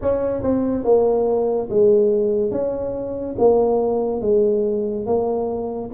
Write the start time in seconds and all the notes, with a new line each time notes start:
0.01 C#4
0.42 C4
0.84 A#3
1.69 G#3
2.51 C#4
3.38 A#3
4.21 G#3
5.06 A#3